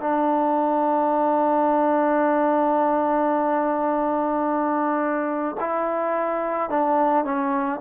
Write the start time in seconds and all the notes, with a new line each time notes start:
0.00 D4
5.60 E4
6.70 D4
7.25 C#4